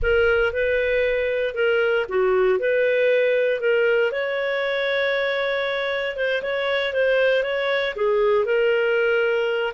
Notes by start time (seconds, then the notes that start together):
0.02 A#4
0.52 B4
1.54 A#4
2.08 F#4
2.59 B4
3.60 A#4
4.11 C#5
6.16 C5
6.42 C#5
6.93 C5
7.43 C#5
7.95 G#4
8.45 A#4